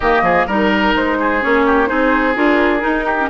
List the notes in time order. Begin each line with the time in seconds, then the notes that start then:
0.00 D#3 A#3 G4 D#5
0.22 F3 G#4
0.46 G3 D#4 A#4
0.95 G#3 C5
1.19 G#4
1.41 A#3 C#4 C#5
1.66 G4
1.86 C4 D#4 G#4 C5
2.35 D4 F4 A#4
2.80 D#4
3.05 G4
3.19 C#4